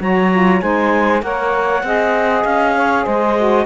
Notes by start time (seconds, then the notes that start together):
0.00 F#3 F#4 C#5 A#5
0.32 F4
0.61 G#3 D#4 C5 G#5
1.22 A#3 A#4 C#5 F#5
1.83 C4 G#4 D#5
2.44 C#4 F5
2.76 C#5
3.05 G#3 C5 D#5
3.38 F#4